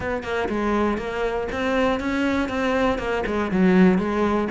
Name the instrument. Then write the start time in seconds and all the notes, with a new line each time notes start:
cello
0.00 B3
0.23 A#3
0.48 G#3
0.97 A#3
1.51 C4
2.00 C#4
2.48 C4
2.98 A#3
3.26 G#3
3.51 F#3
3.98 G#3